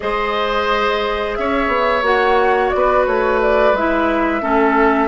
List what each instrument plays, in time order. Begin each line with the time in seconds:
0.00 bassoon G#3, clarinet G#4, oboe C5, flute D#5
1.35 bassoon C#4, oboe C#5, flute E5
1.67 bassoon B3
2.02 bassoon A#3, clarinet F#4, flute F#5
2.70 bassoon B3, flute D5
2.77 oboe B4
3.06 bassoon A3, flute C#5
3.41 flute D5
3.73 bassoon G#3, clarinet E4, flute E5
4.41 bassoon A3, clarinet C#4, oboe A4